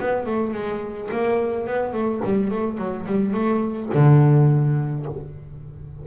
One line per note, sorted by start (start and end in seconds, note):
0.00 0.27 B3
0.27 0.54 A3
0.54 1.10 G#3
1.12 1.67 A#3
1.67 1.93 B3
1.93 2.21 A3
2.25 2.51 G3
2.51 2.78 A3
2.78 3.06 F#3
3.06 3.34 G3
3.34 3.90 A3
3.94 5.06 D3